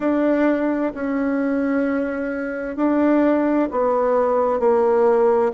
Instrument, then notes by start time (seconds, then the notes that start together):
bassoon
0.00 D4
0.94 C#4
2.76 D4
3.71 B3
4.59 A#3